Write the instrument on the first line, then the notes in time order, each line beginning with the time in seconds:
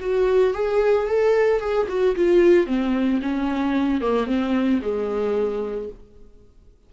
viola
0.00 F#4
0.54 G#4
1.07 A4
1.60 G#4
1.89 F#4
2.16 F4
2.66 C4
3.22 C#4
4.01 A#3
4.26 C4
4.82 G#3